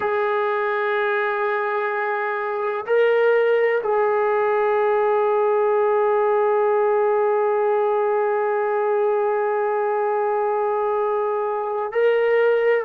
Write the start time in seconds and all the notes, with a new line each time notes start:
0.00 G#4
2.86 A#4
3.83 G#4
11.92 A#4